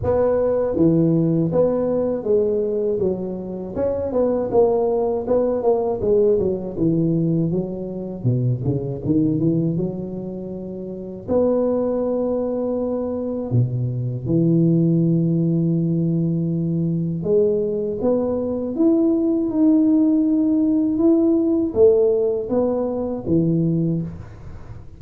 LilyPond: \new Staff \with { instrumentName = "tuba" } { \time 4/4 \tempo 4 = 80 b4 e4 b4 gis4 | fis4 cis'8 b8 ais4 b8 ais8 | gis8 fis8 e4 fis4 b,8 cis8 | dis8 e8 fis2 b4~ |
b2 b,4 e4~ | e2. gis4 | b4 e'4 dis'2 | e'4 a4 b4 e4 | }